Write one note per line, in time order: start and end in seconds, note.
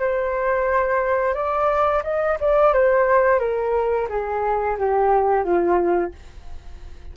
0.00 1.35 C5
1.35 2.03 D5
2.04 2.38 D#5
2.40 2.74 D5
2.74 3.40 C5
3.40 4.08 A#4
4.09 4.78 G#4
4.78 5.44 G4
5.44 6.12 F4